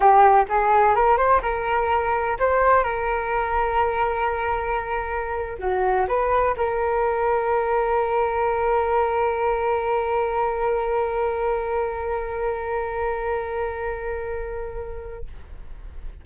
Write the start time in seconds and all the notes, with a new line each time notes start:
0.00 G4
0.48 G#4
0.95 A#4
1.17 C5
1.42 A#4
2.39 C5
2.83 A#4
5.58 F#4
6.08 B4
6.56 A#4